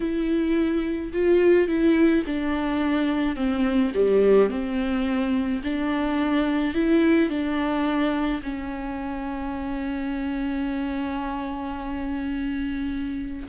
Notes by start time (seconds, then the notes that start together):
0.00 E4
1.12 F4
1.67 E4
2.26 D4
3.35 C4
3.94 G3
4.50 C4
5.63 D4
6.74 E4
7.29 D4
8.42 C#4